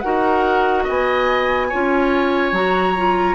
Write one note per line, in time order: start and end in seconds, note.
0.00 0.88 D#4
0.00 1.70 F#4
0.00 0.84 A#4
0.00 0.83 F#5
0.84 1.73 B3
0.84 1.67 D#5
0.84 2.55 G#5
1.69 2.52 C#4
1.69 2.54 F4
1.69 3.35 C#5
2.52 3.35 F#3
2.52 2.95 F#4
2.52 3.35 A#5
2.96 3.35 F4